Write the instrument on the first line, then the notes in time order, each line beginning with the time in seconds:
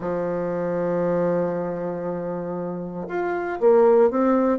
bassoon
0.00 F3
3.08 F4
3.60 A#3
4.10 C4